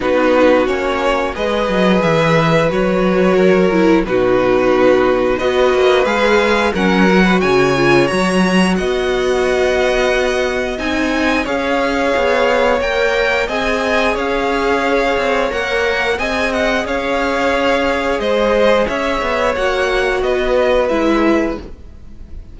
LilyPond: <<
  \new Staff \with { instrumentName = "violin" } { \time 4/4 \tempo 4 = 89 b'4 cis''4 dis''4 e''4 | cis''2 b'2 | dis''4 f''4 fis''4 gis''4 | ais''4 fis''2. |
gis''4 f''2 g''4 | gis''4 f''2 fis''4 | gis''8 fis''8 f''2 dis''4 | e''4 fis''4 dis''4 e''4 | }
  \new Staff \with { instrumentName = "violin" } { \time 4/4 fis'2 b'2~ | b'4 ais'4 fis'2 | b'2 ais'8. b'16 cis''4~ | cis''4 dis''2.~ |
dis''4 cis''2. | dis''4 cis''2. | dis''4 cis''2 c''4 | cis''2 b'2 | }
  \new Staff \with { instrumentName = "viola" } { \time 4/4 dis'4 cis'4 gis'2 | fis'4. e'8 dis'2 | fis'4 gis'4 cis'8 fis'4 f'8 | fis'1 |
dis'4 gis'2 ais'4 | gis'2. ais'4 | gis'1~ | gis'4 fis'2 e'4 | }
  \new Staff \with { instrumentName = "cello" } { \time 4/4 b4 ais4 gis8 fis8 e4 | fis2 b,2 | b8 ais8 gis4 fis4 cis4 | fis4 b2. |
c'4 cis'4 b4 ais4 | c'4 cis'4. c'8 ais4 | c'4 cis'2 gis4 | cis'8 b8 ais4 b4 gis4 | }
>>